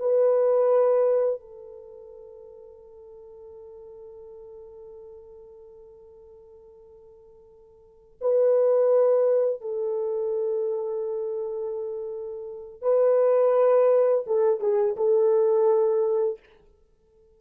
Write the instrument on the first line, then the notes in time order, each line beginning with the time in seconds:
horn
0.00 B4
1.41 A4
8.22 B4
9.61 A4
12.82 B4
14.27 A4
14.61 G#4
14.97 A4